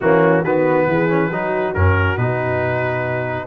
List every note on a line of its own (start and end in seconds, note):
0.01 0.42 E3
0.01 0.44 A#3
0.01 0.41 C#4
0.01 0.44 F#4
0.41 0.86 D#3
0.41 1.09 B3
0.41 0.85 F#4
0.41 1.74 B4
0.87 1.30 E3
0.87 1.28 G#4
1.09 1.31 C#4
1.28 1.73 F#3
1.28 1.75 D#4
1.28 3.46 F#4
1.74 2.17 F#2
1.74 2.17 C#4
1.74 2.17 A#4
2.17 3.47 B2
2.17 3.47 D#4
2.17 3.47 B4